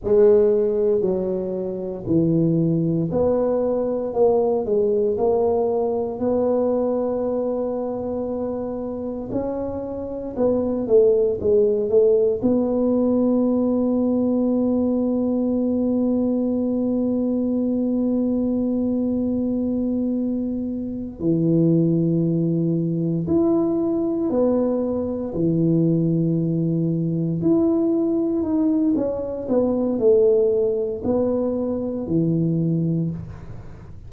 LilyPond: \new Staff \with { instrumentName = "tuba" } { \time 4/4 \tempo 4 = 58 gis4 fis4 e4 b4 | ais8 gis8 ais4 b2~ | b4 cis'4 b8 a8 gis8 a8 | b1~ |
b1~ | b8 e2 e'4 b8~ | b8 e2 e'4 dis'8 | cis'8 b8 a4 b4 e4 | }